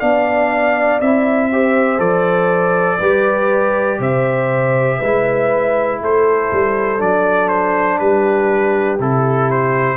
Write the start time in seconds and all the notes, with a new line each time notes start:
0.00 B3 D4 D5 F5
1.01 C4 E4 E5
1.52 G4 C5
1.98 F3 A4 D5
2.99 G3 G4 B4
3.99 C3 C5 E5
4.99 G#3 E4 B4
6.01 A3 A4 C5
6.52 G3
6.99 F#3 D4 D5
7.48 C5
7.99 G3 G4 B4
9.00 C3 E4 A4
9.51 C5